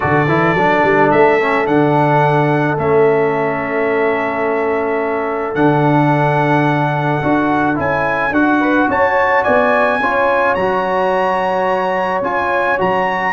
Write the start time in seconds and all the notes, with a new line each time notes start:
0.00 D3 F#4 A4 D5
0.27 E3 E4
0.54 F#3 D4
0.83 G3
1.10 A3 E5
1.40 C#4
1.66 D3 D4 F#5
2.77 A3 C#4 E5
5.54 D3 D4 F#5
7.22 D4 F#4
7.74 C#4 E4 G#5
8.31 D4 F#4 F#5
8.59 B4
8.87 C#4 C#5 A5
9.43 B3 D5 G#5
10.00 C#4 F4 C#5
10.54 F#3 F#4 A#5
12.21 C#4 F4 G#5
12.78 F#3 F#4 A#5